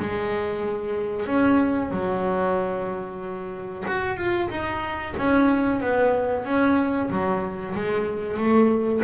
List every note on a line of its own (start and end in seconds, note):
0.00 1.27 G#3
1.27 1.91 C#4
1.91 3.85 F#3
3.88 4.17 F#4
4.17 4.49 F4
4.50 5.15 D#4
5.18 5.81 C#4
5.81 6.45 B3
6.45 7.10 C#4
7.11 7.75 F#3
7.75 8.38 G#3
8.38 9.02 A3